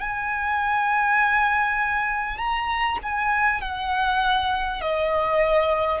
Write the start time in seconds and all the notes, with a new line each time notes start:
0.00 G#5
2.37 A#5
3.02 G#5
3.61 F#5
4.81 D#5